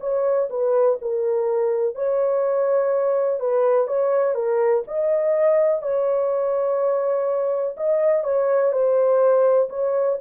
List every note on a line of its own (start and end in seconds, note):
0.00 0.48 C#5
0.50 0.98 B4
1.01 1.95 A#4
1.95 3.40 C#5
3.40 3.88 B4
3.88 4.35 C#5
4.35 4.83 A#4
4.87 5.82 D#5
5.82 7.76 C#5
7.77 8.24 D#5
8.24 8.72 C#5
8.72 9.69 C5
9.70 10.18 C#5